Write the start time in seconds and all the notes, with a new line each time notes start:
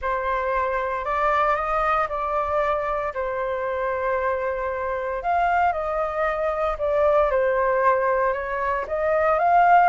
0.01 C5
1.04 D5
1.55 D#5
2.09 D5
3.14 C5
5.22 F5
5.72 D#5
6.78 D5
7.30 C5
8.33 C#5
8.87 D#5
9.38 F5